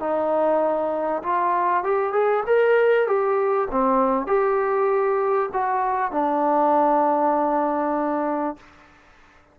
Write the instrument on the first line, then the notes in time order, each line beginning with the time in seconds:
trombone
0.00 D#4
1.23 F4
1.84 G4
2.13 G#4
2.47 A#4
3.07 G4
3.71 C4
4.27 G4
5.53 F#4
6.12 D4